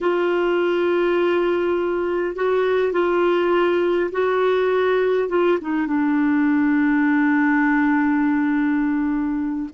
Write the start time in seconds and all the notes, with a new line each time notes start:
0.00 F4
2.35 F#4
2.92 F4
4.11 F#4
5.28 F4
5.61 D#4
5.87 D4